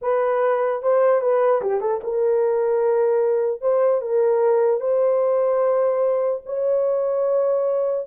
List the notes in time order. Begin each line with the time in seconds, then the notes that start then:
0.01 B4
0.82 C5
1.21 B4
1.61 G4
1.80 A4
2.03 A#4
3.61 C5
4.01 A#4
4.80 C5
6.45 C#5